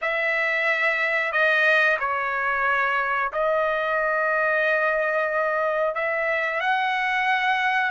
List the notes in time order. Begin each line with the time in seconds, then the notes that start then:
0.01 E5
1.32 D#5
1.99 C#5
3.32 D#5
5.94 E5
6.60 F#5